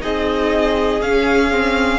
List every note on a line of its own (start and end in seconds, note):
0.00 1.01 C4
0.00 1.00 D#4
0.00 1.99 G#4
0.00 1.02 D#5
1.01 1.99 C#4
1.01 1.51 C#4
1.01 1.99 F5
1.51 1.99 C4